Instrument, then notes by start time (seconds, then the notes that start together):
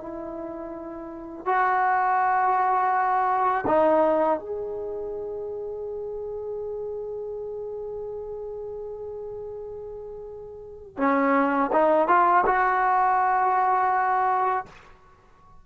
trombone
0.00 E4
1.46 F#4
3.67 D#4
4.39 G#4
10.98 C#4
11.72 D#4
12.08 F4
12.46 F#4